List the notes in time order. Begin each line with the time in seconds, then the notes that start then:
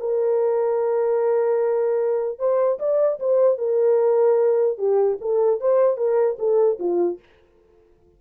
0.00 A#4
2.39 C5
2.79 D5
3.20 C5
3.58 A#4
4.78 G4
5.21 A4
5.61 C5
5.98 A#4
6.39 A4
6.79 F4